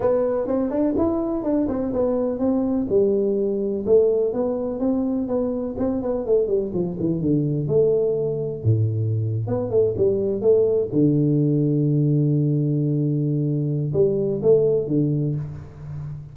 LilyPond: \new Staff \with { instrumentName = "tuba" } { \time 4/4 \tempo 4 = 125 b4 c'8 d'8 e'4 d'8 c'8 | b4 c'4 g2 | a4 b4 c'4 b4 | c'8 b8 a8 g8 f8 e8 d4 |
a2 a,4.~ a,16 b16~ | b16 a8 g4 a4 d4~ d16~ | d1~ | d4 g4 a4 d4 | }